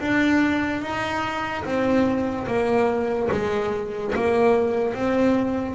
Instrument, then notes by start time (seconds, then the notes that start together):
double bass
0.00 D4
0.82 D#4
1.65 C4
2.47 A#3
3.32 G#3
4.15 A#3
4.95 C4